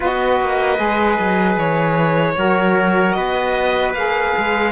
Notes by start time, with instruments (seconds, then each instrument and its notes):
0.00 cello B3, saxophone F#4, trumpet B4, violin D#5
0.41 cello A#3
0.76 cello G#3, saxophone G#4
1.18 cello F#3
1.57 cello E3, violin C#5
2.36 cello F#3, saxophone F#4, trumpet A#4
3.12 cello B3, trumpet B4, violin D#5
3.93 cello A#3, saxophone G#4, violin F5
4.37 cello G#3